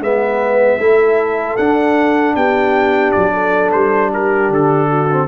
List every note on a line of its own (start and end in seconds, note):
0.00 0.78 G#3
0.00 0.80 B3
0.00 0.80 B4
0.00 1.57 E5
0.79 1.57 A3
0.79 1.58 E4
0.79 2.36 A4
1.57 2.36 D4
1.57 5.10 D4
1.57 2.35 F#5
2.36 3.14 B3
2.36 3.33 G4
2.36 3.12 G5
3.12 3.74 F#3
3.12 3.70 D5
3.33 4.11 A4
3.72 4.50 G3
3.72 4.11 C5
4.13 4.89 G4
4.13 4.53 A#4
4.50 5.27 D3
4.50 5.28 A4
4.89 5.28 F#4
5.11 5.28 C4